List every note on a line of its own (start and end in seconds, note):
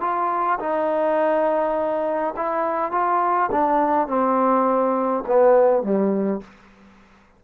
0.00 0.58 F4
0.59 2.34 D#4
2.36 2.91 E4
2.91 3.50 F4
3.51 4.07 D4
4.07 5.24 C4
5.26 5.82 B3
5.82 6.41 G3